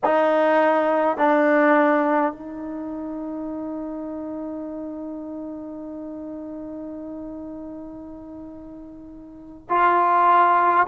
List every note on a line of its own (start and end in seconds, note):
0.04 1.17 D#4
1.17 2.32 D4
2.32 9.67 D#4
9.69 10.87 F4